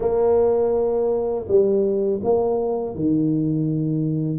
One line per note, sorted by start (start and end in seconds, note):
0.00 1.46 A#3
1.47 2.21 G3
2.23 2.95 A#3
2.95 4.38 D#3